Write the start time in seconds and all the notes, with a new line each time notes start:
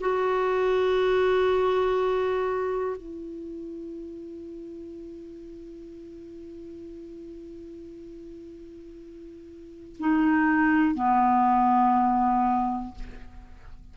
0.00 F#4
2.96 E4
9.99 D#4
10.95 B3